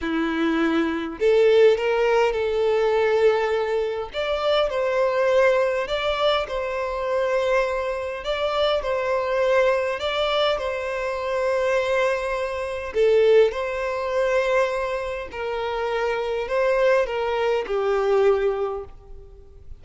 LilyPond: \new Staff \with { instrumentName = "violin" } { \time 4/4 \tempo 4 = 102 e'2 a'4 ais'4 | a'2. d''4 | c''2 d''4 c''4~ | c''2 d''4 c''4~ |
c''4 d''4 c''2~ | c''2 a'4 c''4~ | c''2 ais'2 | c''4 ais'4 g'2 | }